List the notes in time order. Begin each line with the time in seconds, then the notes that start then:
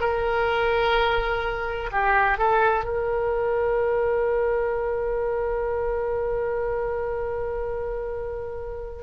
0.00 A#4
1.92 G4
2.38 A4
2.84 A#4